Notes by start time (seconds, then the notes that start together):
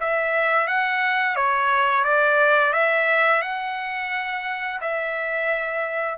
0.00 E5
0.67 F#5
1.36 C#5
2.04 D5
2.73 E5
3.41 F#5
4.81 E5